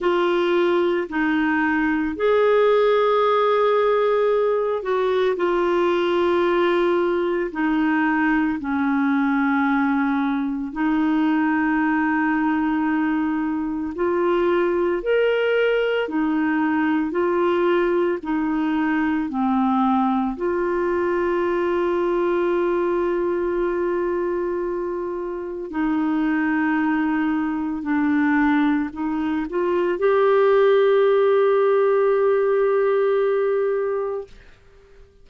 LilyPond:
\new Staff \with { instrumentName = "clarinet" } { \time 4/4 \tempo 4 = 56 f'4 dis'4 gis'2~ | gis'8 fis'8 f'2 dis'4 | cis'2 dis'2~ | dis'4 f'4 ais'4 dis'4 |
f'4 dis'4 c'4 f'4~ | f'1 | dis'2 d'4 dis'8 f'8 | g'1 | }